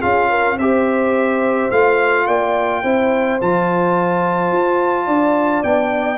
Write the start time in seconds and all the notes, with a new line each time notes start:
0.00 C#4 F4 G#4 F5
0.29 A#4
0.56 C4 G4 C5 E5
1.70 A3 F4 F5
2.27 A#3 D5 G5
2.83 C4 E4 C5
3.40 F3 F4 A5
4.52 F4
5.06 D4 D5
5.63 B3 D4 G5